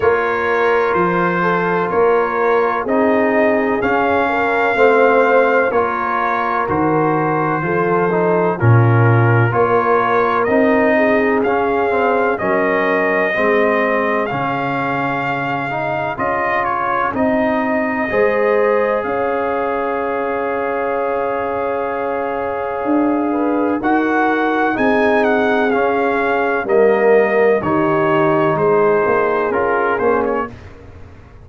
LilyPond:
<<
  \new Staff \with { instrumentName = "trumpet" } { \time 4/4 \tempo 4 = 63 cis''4 c''4 cis''4 dis''4 | f''2 cis''4 c''4~ | c''4 ais'4 cis''4 dis''4 | f''4 dis''2 f''4~ |
f''4 dis''8 cis''8 dis''2 | f''1~ | f''4 fis''4 gis''8 fis''8 f''4 | dis''4 cis''4 c''4 ais'8 c''16 cis''16 | }
  \new Staff \with { instrumentName = "horn" } { \time 4/4 ais'4. a'8 ais'4 gis'4~ | gis'8 ais'8 c''4 ais'2 | a'4 f'4 ais'4. gis'8~ | gis'4 ais'4 gis'2~ |
gis'2. c''4 | cis''1~ | cis''8 b'8 ais'4 gis'2 | ais'4 g'4 gis'2 | }
  \new Staff \with { instrumentName = "trombone" } { \time 4/4 f'2. dis'4 | cis'4 c'4 f'4 fis'4 | f'8 dis'8 cis'4 f'4 dis'4 | cis'8 c'8 cis'4 c'4 cis'4~ |
cis'8 dis'8 f'4 dis'4 gis'4~ | gis'1~ | gis'4 fis'4 dis'4 cis'4 | ais4 dis'2 f'8 cis'8 | }
  \new Staff \with { instrumentName = "tuba" } { \time 4/4 ais4 f4 ais4 c'4 | cis'4 a4 ais4 dis4 | f4 ais,4 ais4 c'4 | cis'4 fis4 gis4 cis4~ |
cis4 cis'4 c'4 gis4 | cis'1 | d'4 dis'4 c'4 cis'4 | g4 dis4 gis8 ais8 cis'8 ais8 | }
>>